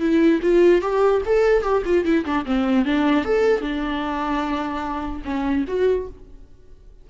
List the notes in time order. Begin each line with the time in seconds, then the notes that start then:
0.00 E4
0.42 F4
0.82 G4
1.26 A4
1.63 G4
1.85 F4
2.05 E4
2.25 D4
2.46 C4
2.85 D4
3.25 A4
3.61 D4
5.25 C#4
5.68 F#4